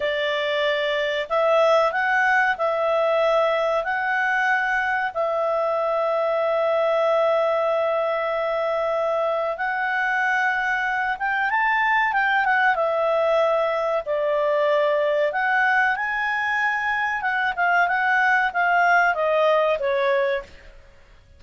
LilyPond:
\new Staff \with { instrumentName = "clarinet" } { \time 4/4 \tempo 4 = 94 d''2 e''4 fis''4 | e''2 fis''2 | e''1~ | e''2. fis''4~ |
fis''4. g''8 a''4 g''8 fis''8 | e''2 d''2 | fis''4 gis''2 fis''8 f''8 | fis''4 f''4 dis''4 cis''4 | }